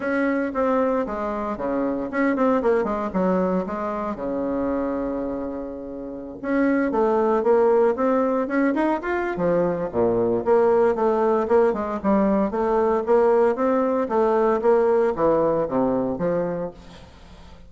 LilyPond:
\new Staff \with { instrumentName = "bassoon" } { \time 4/4 \tempo 4 = 115 cis'4 c'4 gis4 cis4 | cis'8 c'8 ais8 gis8 fis4 gis4 | cis1~ | cis16 cis'4 a4 ais4 c'8.~ |
c'16 cis'8 dis'8 f'8. f4 ais,4 | ais4 a4 ais8 gis8 g4 | a4 ais4 c'4 a4 | ais4 e4 c4 f4 | }